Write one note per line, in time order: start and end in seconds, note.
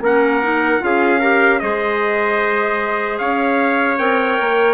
0.00 0.79 A#3
0.00 0.42 C#4
0.00 0.82 A#4
0.00 0.84 F#5
0.42 0.79 D#4
0.79 1.62 C#4
0.79 1.19 F4
0.79 1.19 G#4
0.79 1.59 F5
1.19 1.60 G4
1.19 1.59 A#4
1.59 3.19 G#3
1.59 3.97 G#4
1.59 3.19 C5
1.59 3.17 D#5
3.18 3.98 C#4
3.18 4.73 C#5
3.18 3.97 F5
3.98 4.38 C4
3.98 4.73 A#4
3.98 4.73 G5
4.40 4.73 A#3